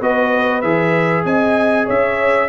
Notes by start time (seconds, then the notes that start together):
0.00 B3 F#4 B4 D#5
0.61 E3 G#4 E5
1.24 C4 D#5 G#5
1.86 C#4 C#5 E5